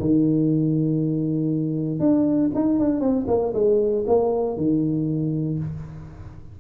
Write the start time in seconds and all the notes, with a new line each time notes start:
0.00 D#3
2.00 D4
2.55 D#4
2.80 D4
3.01 C4
3.28 A#3
3.54 G#3
4.07 A#3
4.57 D#3